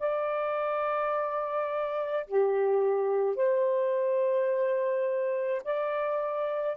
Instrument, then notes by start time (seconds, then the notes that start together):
saxophone
0.00 D5
2.27 G4
3.36 C5
5.64 D5